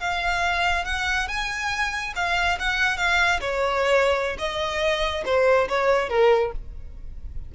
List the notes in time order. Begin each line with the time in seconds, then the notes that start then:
0.00 F5
0.85 F#5
1.28 G#5
2.16 F5
2.59 F#5
2.97 F5
3.41 C#5
4.38 D#5
5.25 C5
5.69 C#5
6.09 A#4